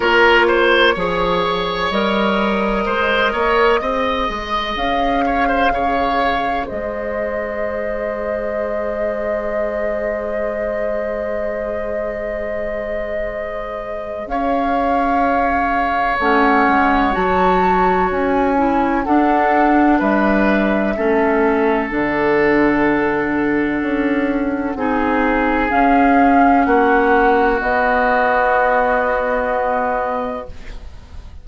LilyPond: <<
  \new Staff \with { instrumentName = "flute" } { \time 4/4 \tempo 4 = 63 cis''2 dis''2~ | dis''4 f''2 dis''4~ | dis''1~ | dis''2. f''4~ |
f''4 fis''4 a''4 gis''4 | fis''4 e''2 fis''4~ | fis''2. f''4 | fis''4 dis''2. | }
  \new Staff \with { instrumentName = "oboe" } { \time 4/4 ais'8 c''8 cis''2 c''8 cis''8 | dis''4. cis''16 c''16 cis''4 c''4~ | c''1~ | c''2. cis''4~ |
cis''1 | a'4 b'4 a'2~ | a'2 gis'2 | fis'1 | }
  \new Staff \with { instrumentName = "clarinet" } { \time 4/4 f'4 gis'4 ais'2 | gis'1~ | gis'1~ | gis'1~ |
gis'4 cis'4 fis'4. e'8 | d'2 cis'4 d'4~ | d'2 dis'4 cis'4~ | cis'4 b2. | }
  \new Staff \with { instrumentName = "bassoon" } { \time 4/4 ais4 f4 g4 gis8 ais8 | c'8 gis8 cis'4 cis4 gis4~ | gis1~ | gis2. cis'4~ |
cis'4 a8 gis8 fis4 cis'4 | d'4 g4 a4 d4~ | d4 cis'4 c'4 cis'4 | ais4 b2. | }
>>